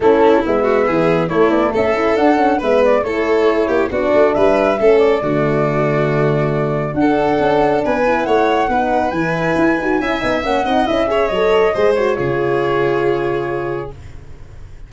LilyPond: <<
  \new Staff \with { instrumentName = "flute" } { \time 4/4 \tempo 4 = 138 a'4 e''2 cis''8 d''8 | e''4 fis''4 e''8 d''8 cis''4~ | cis''4 d''4 e''4. d''8~ | d''1 |
fis''2 gis''4 fis''4~ | fis''4 gis''2. | fis''4 e''4 dis''4. cis''8~ | cis''1 | }
  \new Staff \with { instrumentName = "violin" } { \time 4/4 e'4. fis'8 gis'4 e'4 | a'2 b'4 a'4~ | a'8 g'8 fis'4 b'4 a'4 | fis'1 |
a'2 b'4 cis''4 | b'2. e''4~ | e''8 dis''4 cis''4. c''4 | gis'1 | }
  \new Staff \with { instrumentName = "horn" } { \time 4/4 cis'4 b2 a4~ | a8 e'8 d'8 cis'8 b4 e'4~ | e'4 d'2 cis'4 | a1 |
d'2~ d'8 e'4. | dis'4 e'4. fis'8 e'8 dis'8 | cis'8 dis'8 e'8 gis'8 a'4 gis'8 fis'8 | f'1 | }
  \new Staff \with { instrumentName = "tuba" } { \time 4/4 a4 gis4 e4 a8 b8 | cis'4 d'4 gis4 a4~ | a8 ais8 b8 a8 g4 a4 | d1 |
d'4 cis'4 b4 a4 | b4 e4 e'8 dis'8 cis'8 b8 | ais8 c'8 cis'4 fis4 gis4 | cis1 | }
>>